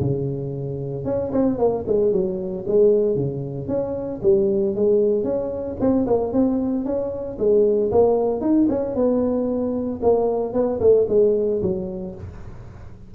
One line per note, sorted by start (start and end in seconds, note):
0.00 1.05 C#3
1.05 1.31 C#4
1.32 1.58 C4
1.58 1.84 A#3
1.87 2.12 G#3
2.12 2.65 F#3
2.67 3.16 G#3
3.16 3.68 C#3
3.68 4.20 C#4
4.22 4.75 G3
4.75 5.24 G#3
5.24 5.77 C#4
5.80 6.06 C4
6.07 6.33 A#3
6.33 6.85 C4
6.85 7.37 C#4
7.38 7.91 G#3
7.91 8.41 A#3
8.41 8.67 D#4
8.69 8.95 C#4
8.95 10.00 B3
10.02 10.53 A#3
10.53 10.79 B3
10.80 11.06 A3
11.09 11.61 G#3
11.62 12.15 F#3